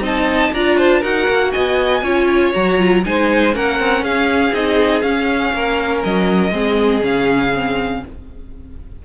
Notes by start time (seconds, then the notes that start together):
0.00 C4 D#4 D#5 A5
0.53 D4 F4 D5 A#5
0.78 C5 A5
1.00 D#4 F#4 A#4 F#5
1.28 A#3
1.52 B3 D#5 G#5
2.02 C#4 F4 C#5
2.53 F#3 F#4 A#5
2.78 F4
3.04 G#3 D#4 C5 G#5
3.53 A#3 C#4 A#4 F#5
3.79 C4
4.02 C#4 G#4 F5
4.53 C4 D#4 D#5
5.01 C#4 F5
5.53 A#3 A#4
6.04 F#3 D#5
6.51 G#3 C4 G#4
7.01 C#3 C#4 F5
7.54 C4